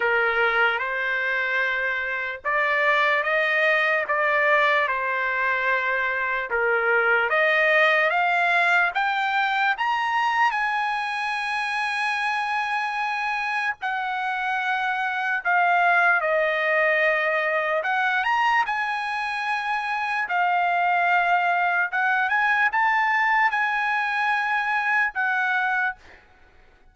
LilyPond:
\new Staff \with { instrumentName = "trumpet" } { \time 4/4 \tempo 4 = 74 ais'4 c''2 d''4 | dis''4 d''4 c''2 | ais'4 dis''4 f''4 g''4 | ais''4 gis''2.~ |
gis''4 fis''2 f''4 | dis''2 fis''8 ais''8 gis''4~ | gis''4 f''2 fis''8 gis''8 | a''4 gis''2 fis''4 | }